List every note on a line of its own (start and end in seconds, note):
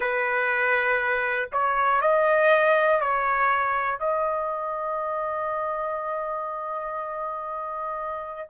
0.00 1.49 B4
1.52 2.00 C#5
2.00 3.00 D#5
3.00 3.99 C#5
3.99 8.49 D#5